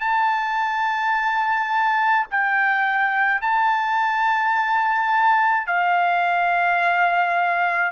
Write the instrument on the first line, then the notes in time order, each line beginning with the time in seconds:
trumpet
0.00 A5
2.31 G5
3.41 A5
5.67 F5